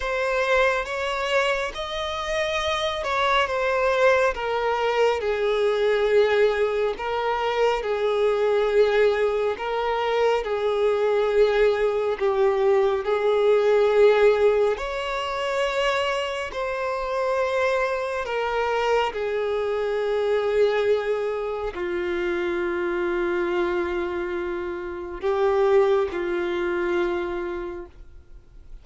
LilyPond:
\new Staff \with { instrumentName = "violin" } { \time 4/4 \tempo 4 = 69 c''4 cis''4 dis''4. cis''8 | c''4 ais'4 gis'2 | ais'4 gis'2 ais'4 | gis'2 g'4 gis'4~ |
gis'4 cis''2 c''4~ | c''4 ais'4 gis'2~ | gis'4 f'2.~ | f'4 g'4 f'2 | }